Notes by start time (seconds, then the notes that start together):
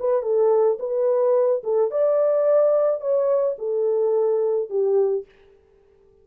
0.00 B4
0.23 A4
0.79 B4
1.64 A4
1.91 D5
3.01 C#5
3.59 A4
4.70 G4